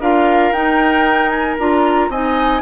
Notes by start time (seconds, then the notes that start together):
0.00 D4 F4 A#4 F5
0.52 D#4 G5
1.29 G#5
1.59 D4 F4 A#5
2.09 C4 D#4 D#5 G#5